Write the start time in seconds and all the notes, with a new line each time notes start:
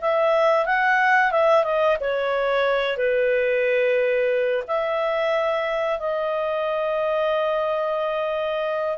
0.00 E5
0.65 F#5
1.31 E5
1.63 D#5
2.00 C#5
2.97 B4
4.67 E5
5.99 D#5